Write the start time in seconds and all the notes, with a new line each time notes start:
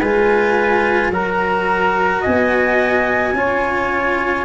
0.00 G#3 F4 B4 G#5
1.10 F#3 F#4 A#4 A#5
2.22 B3 D#5 G#5
3.33 C#4 F4 C#5